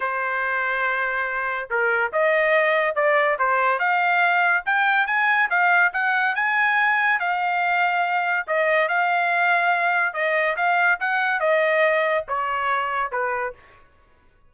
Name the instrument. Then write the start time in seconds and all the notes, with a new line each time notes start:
trumpet
0.00 C5
1.70 A#4
2.12 D#5
2.95 D5
3.39 C5
3.79 F5
4.65 G5
5.06 G#5
5.50 F5
5.93 F#5
6.35 G#5
7.19 F5
8.47 D#5
8.88 F5
10.13 D#5
10.56 F5
11.00 F#5
11.40 D#5
12.27 C#5
13.11 B4